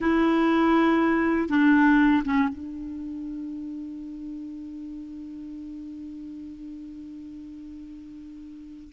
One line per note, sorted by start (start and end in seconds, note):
0.00 1.49 E4
1.49 2.23 D4
2.24 2.48 C#4
2.48 8.92 D4